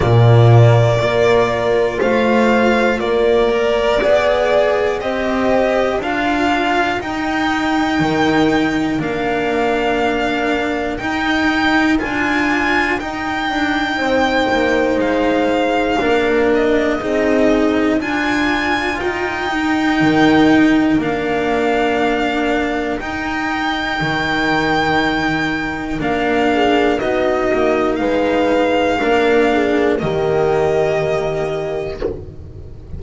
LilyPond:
<<
  \new Staff \with { instrumentName = "violin" } { \time 4/4 \tempo 4 = 60 d''2 f''4 d''4~ | d''4 dis''4 f''4 g''4~ | g''4 f''2 g''4 | gis''4 g''2 f''4~ |
f''8 dis''4. gis''4 g''4~ | g''4 f''2 g''4~ | g''2 f''4 dis''4 | f''2 dis''2 | }
  \new Staff \with { instrumentName = "horn" } { \time 4/4 f'4 ais'4 c''4 ais'4 | d''4 c''4 ais'2~ | ais'1~ | ais'2 c''2 |
ais'4 gis'4 ais'2~ | ais'1~ | ais'2~ ais'8 gis'8 fis'4 | b'4 ais'8 gis'8 g'2 | }
  \new Staff \with { instrumentName = "cello" } { \time 4/4 ais4 f'2~ f'8 ais'8 | gis'4 g'4 f'4 dis'4~ | dis'4 d'2 dis'4 | f'4 dis'2. |
d'4 dis'4 f'4. dis'8~ | dis'4 d'2 dis'4~ | dis'2 d'4 dis'4~ | dis'4 d'4 ais2 | }
  \new Staff \with { instrumentName = "double bass" } { \time 4/4 ais,4 ais4 a4 ais4 | b4 c'4 d'4 dis'4 | dis4 ais2 dis'4 | d'4 dis'8 d'8 c'8 ais8 gis4 |
ais4 c'4 d'4 dis'4 | dis4 ais2 dis'4 | dis2 ais4 b8 ais8 | gis4 ais4 dis2 | }
>>